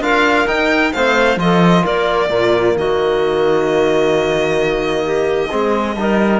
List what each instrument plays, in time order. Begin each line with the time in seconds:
0.00 cello D4, trombone F4, clarinet A#4, violin F5
0.47 cello D#4, trombone D#4, violin G5
0.92 cello A3, trombone C4, clarinet C5, violin F5
1.36 cello F3, trombone F4, clarinet A4, violin D#5
1.83 cello A#3, clarinet A#4, violin D5
2.28 cello A#2, trombone A#3, clarinet F4
2.76 cello D#3, clarinet F#4, violin D#5
5.04 clarinet G4
5.49 cello G#3, trombone C4, clarinet G#4
5.96 cello G3, trombone D#4, clarinet A#4